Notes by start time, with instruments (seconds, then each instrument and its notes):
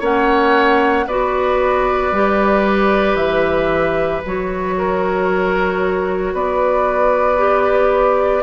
0.00 bassoon A#3, clarinet C#4, oboe C#5, flute F#5
1.07 bassoon B3, clarinet F#4, oboe B4, flute D5
2.12 bassoon G3, clarinet G4
3.14 bassoon E3, flute E5
4.25 bassoon F#3, clarinet F#4, flute C#5
4.77 oboe A#4
6.33 bassoon B3, oboe B4, flute D5
7.37 clarinet G4